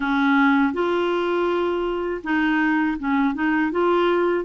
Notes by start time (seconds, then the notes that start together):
0.00 C#4
0.73 F4
2.23 D#4
2.98 C#4
3.34 D#4
3.71 F4